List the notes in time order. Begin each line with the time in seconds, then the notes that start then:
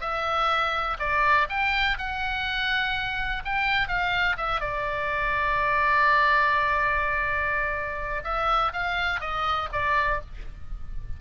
0.00 E5
0.99 D5
1.49 G5
1.98 F#5
3.44 G5
3.88 F5
4.37 E5
4.60 D5
8.24 E5
8.72 F5
9.20 D#5
9.72 D5